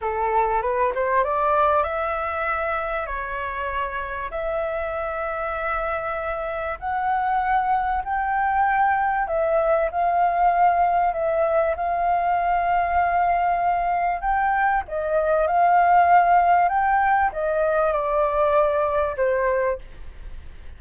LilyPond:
\new Staff \with { instrumentName = "flute" } { \time 4/4 \tempo 4 = 97 a'4 b'8 c''8 d''4 e''4~ | e''4 cis''2 e''4~ | e''2. fis''4~ | fis''4 g''2 e''4 |
f''2 e''4 f''4~ | f''2. g''4 | dis''4 f''2 g''4 | dis''4 d''2 c''4 | }